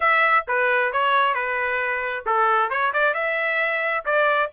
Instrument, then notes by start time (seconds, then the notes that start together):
trumpet
0.00 E5
0.47 B4
0.92 C#5
1.34 B4
2.26 A4
2.69 C#5
2.93 D5
3.14 E5
4.05 D5